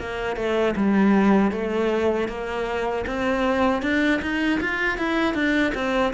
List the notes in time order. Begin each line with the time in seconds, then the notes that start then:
0.00 A#3
0.36 A3
0.76 G3
1.51 A3
2.28 A#3
3.07 C4
3.82 D4
4.22 D#4
4.61 F4
4.98 E4
5.34 D4
5.74 C4